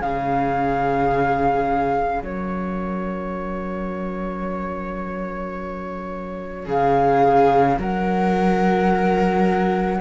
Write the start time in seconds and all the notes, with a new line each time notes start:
0.00 C#3 C#4 G#4 F5
2.22 F#3 A#4 C#5
6.66 C#3 G#4 F5
7.78 F#3 A#4 F#5